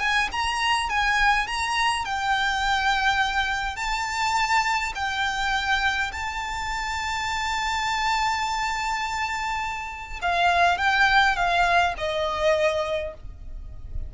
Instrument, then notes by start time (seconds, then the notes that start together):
violin
0.00 G#5
0.32 A#5
0.90 G#5
1.47 A#5
2.05 G5
3.77 A5
4.95 G5
6.12 A5
10.22 F5
10.78 G5
11.36 F5
11.98 D#5